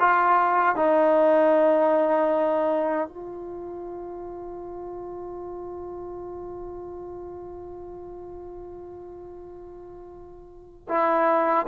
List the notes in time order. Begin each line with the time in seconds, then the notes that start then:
0.00 F4
0.76 D#4
3.09 F4
10.89 E4